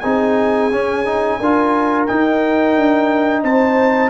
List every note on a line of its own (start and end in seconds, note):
0.00 0.71 C4
0.00 0.72 D#4
0.00 1.40 G#4
0.00 2.05 G#5
0.71 1.40 C#4
0.71 1.06 C#4
1.06 1.40 D#4
1.40 2.08 D4
1.40 2.09 F4
1.40 3.44 A#4
2.07 4.10 D#4
2.07 2.76 D#4
2.07 3.43 G5
2.76 3.44 D4
3.44 4.10 C4
3.44 4.10 C5
3.44 4.10 A5